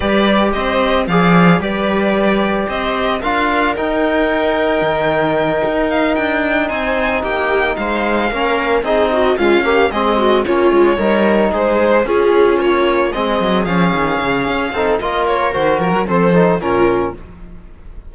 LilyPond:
<<
  \new Staff \with { instrumentName = "violin" } { \time 4/4 \tempo 4 = 112 d''4 dis''4 f''4 d''4~ | d''4 dis''4 f''4 g''4~ | g''2. f''8 g''8~ | g''8 gis''4 g''4 f''4.~ |
f''8 dis''4 f''4 dis''4 cis''8~ | cis''4. c''4 gis'4 cis''8~ | cis''8 dis''4 f''2~ f''8 | dis''8 cis''8 c''8 ais'8 c''4 ais'4 | }
  \new Staff \with { instrumentName = "viola" } { \time 4/4 b'4 c''4 d''4 b'4~ | b'4 c''4 ais'2~ | ais'1~ | ais'8 c''4 g'4 c''4 ais'8~ |
ais'8 gis'8 fis'8 f'8 g'8 gis'8 fis'8 f'8~ | f'8 ais'4 gis'4 f'4.~ | f'8 gis'2. a'8 | ais'2 a'4 f'4 | }
  \new Staff \with { instrumentName = "trombone" } { \time 4/4 g'2 gis'4 g'4~ | g'2 f'4 dis'4~ | dis'1~ | dis'2.~ dis'8 cis'8~ |
cis'8 dis'4 gis8 ais8 c'4 cis'8~ | cis'8 dis'2 cis'4.~ | cis'8 c'4 cis'2 dis'8 | f'4 fis'4 c'8 dis'8 cis'4 | }
  \new Staff \with { instrumentName = "cello" } { \time 4/4 g4 c'4 f4 g4~ | g4 c'4 d'4 dis'4~ | dis'4 dis4. dis'4 d'8~ | d'8 c'4 ais4 gis4 ais8~ |
ais8 c'4 cis'4 gis4 ais8 | gis8 g4 gis4 cis'4 ais8~ | ais8 gis8 fis8 f8 dis8 cis8 cis'8 c'8 | ais4 dis8 f16 fis16 f4 ais,4 | }
>>